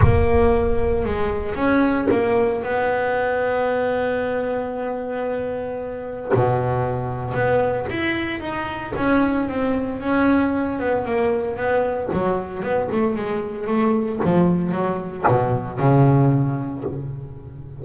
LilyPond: \new Staff \with { instrumentName = "double bass" } { \time 4/4 \tempo 4 = 114 ais2 gis4 cis'4 | ais4 b2.~ | b1 | b,2 b4 e'4 |
dis'4 cis'4 c'4 cis'4~ | cis'8 b8 ais4 b4 fis4 | b8 a8 gis4 a4 f4 | fis4 b,4 cis2 | }